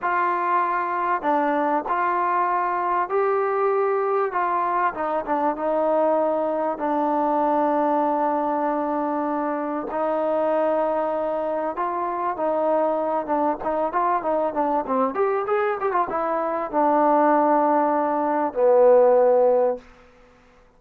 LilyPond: \new Staff \with { instrumentName = "trombone" } { \time 4/4 \tempo 4 = 97 f'2 d'4 f'4~ | f'4 g'2 f'4 | dis'8 d'8 dis'2 d'4~ | d'1 |
dis'2. f'4 | dis'4. d'8 dis'8 f'8 dis'8 d'8 | c'8 g'8 gis'8 g'16 f'16 e'4 d'4~ | d'2 b2 | }